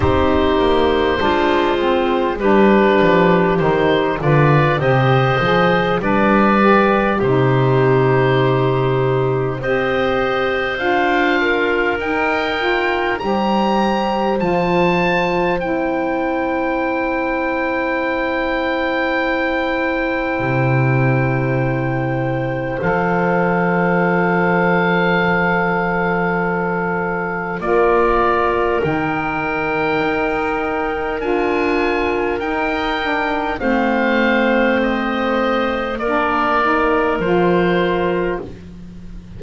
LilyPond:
<<
  \new Staff \with { instrumentName = "oboe" } { \time 4/4 \tempo 4 = 50 c''2 b'4 c''8 d''8 | dis''4 d''4 c''2 | dis''4 f''4 g''4 ais''4 | a''4 g''2.~ |
g''2. f''4~ | f''2. d''4 | g''2 gis''4 g''4 | f''4 dis''4 d''4 c''4 | }
  \new Staff \with { instrumentName = "clarinet" } { \time 4/4 g'4 f'4 g'4. b'8 | c''4 b'4 g'2 | c''4. ais'4. c''4~ | c''1~ |
c''1~ | c''2. ais'4~ | ais'1 | c''2 ais'2 | }
  \new Staff \with { instrumentName = "saxophone" } { \time 4/4 dis'4 d'8 c'8 d'4 dis'8 f'8 | g'8 gis'8 d'8 g'8 dis'2 | g'4 f'4 dis'8 f'8 g'4 | f'4 e'2.~ |
e'2. a'4~ | a'2. f'4 | dis'2 f'4 dis'8 d'8 | c'2 d'8 dis'8 f'4 | }
  \new Staff \with { instrumentName = "double bass" } { \time 4/4 c'8 ais8 gis4 g8 f8 dis8 d8 | c8 f8 g4 c2 | c'4 d'4 dis'4 g4 | f4 c'2.~ |
c'4 c2 f4~ | f2. ais4 | dis4 dis'4 d'4 dis'4 | a2 ais4 f4 | }
>>